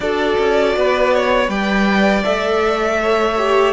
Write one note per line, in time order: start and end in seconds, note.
0.00 0.37 D4
0.00 1.46 F#4
0.00 0.76 A4
0.00 1.48 D5
0.38 0.75 C#4
0.76 1.48 B3
0.76 1.14 B4
1.14 1.49 C#5
1.46 2.23 G3
1.46 2.21 B4
1.46 2.99 D5
1.46 2.24 G5
2.23 3.73 A3
2.23 3.36 A4
2.23 3.73 E5
3.02 3.73 C#5
3.37 3.73 G4